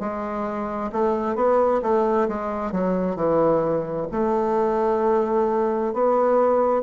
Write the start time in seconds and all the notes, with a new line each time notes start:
0.00 G#3
0.93 A3
1.36 B3
1.83 A3
2.28 G#3
2.72 F#3
3.16 E3
4.12 A3
5.93 B3